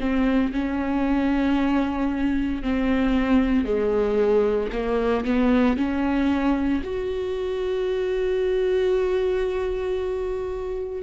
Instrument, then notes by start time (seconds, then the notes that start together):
viola
0.00 C4
0.52 C#4
2.62 C4
3.65 G#3
4.72 A#3
5.24 B3
5.77 C#4
6.83 F#4